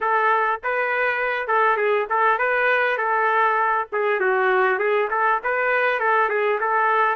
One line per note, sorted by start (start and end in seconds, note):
0.00 0.60 A4
0.63 1.47 B4
1.47 1.76 A4
1.76 2.06 G#4
2.09 2.38 A4
2.38 2.97 B4
2.97 3.87 A4
3.92 4.19 G#4
4.19 4.78 F#4
4.78 5.08 G#4
5.10 5.40 A4
5.43 5.99 B4
5.99 6.29 A4
6.29 6.59 G#4
6.60 7.15 A4